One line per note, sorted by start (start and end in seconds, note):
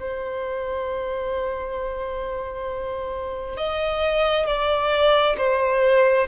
0.00 3.58 C5
3.58 4.47 D#5
4.47 5.36 D5
5.38 6.28 C5